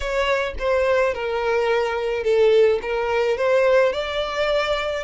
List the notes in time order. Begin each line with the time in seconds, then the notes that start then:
0.00 C#5
0.58 C5
1.14 A#4
2.23 A4
2.82 A#4
3.37 C5
3.93 D5